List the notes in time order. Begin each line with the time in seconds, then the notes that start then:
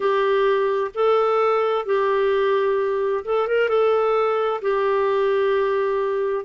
0.00 G4
0.94 A4
1.85 G4
3.24 A4
3.47 A#4
3.68 A4
4.62 G4